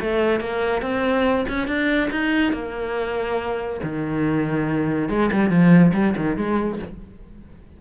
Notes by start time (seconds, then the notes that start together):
0.00 A3
0.40 A#3
0.81 C4
1.49 C#4
1.67 D4
2.11 D#4
2.52 A#3
3.83 D#3
5.09 G#3
5.32 G3
5.50 F3
5.93 G3
6.16 D#3
6.36 G#3